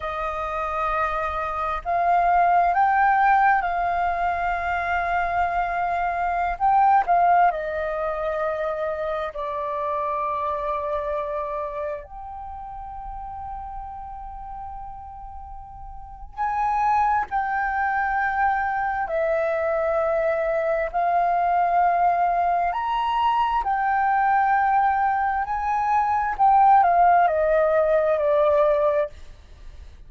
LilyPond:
\new Staff \with { instrumentName = "flute" } { \time 4/4 \tempo 4 = 66 dis''2 f''4 g''4 | f''2.~ f''16 g''8 f''16~ | f''16 dis''2 d''4.~ d''16~ | d''4~ d''16 g''2~ g''8.~ |
g''2 gis''4 g''4~ | g''4 e''2 f''4~ | f''4 ais''4 g''2 | gis''4 g''8 f''8 dis''4 d''4 | }